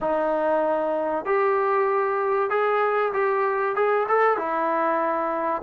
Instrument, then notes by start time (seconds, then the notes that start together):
trombone
0.00 D#4
1.25 G4
2.49 G#4
3.13 G4
3.75 G#4
4.08 A4
4.37 E4